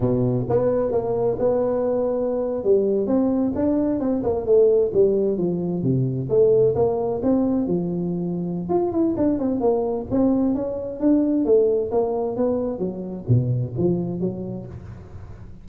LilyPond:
\new Staff \with { instrumentName = "tuba" } { \time 4/4 \tempo 4 = 131 b,4 b4 ais4 b4~ | b4.~ b16 g4 c'4 d'16~ | d'8. c'8 ais8 a4 g4 f16~ | f8. c4 a4 ais4 c'16~ |
c'8. f2~ f16 f'8 e'8 | d'8 c'8 ais4 c'4 cis'4 | d'4 a4 ais4 b4 | fis4 b,4 f4 fis4 | }